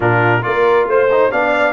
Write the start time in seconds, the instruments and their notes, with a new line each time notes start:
0.00 tuba A#2, trombone D4, horn F4, trumpet A#4
0.42 tuba A#3, trombone F4, horn A#4, trumpet D5
0.86 tuba A3, horn C5, trumpet C5
1.11 trombone D#4
1.31 tuba B3, trombone D4, horn D5, trumpet F5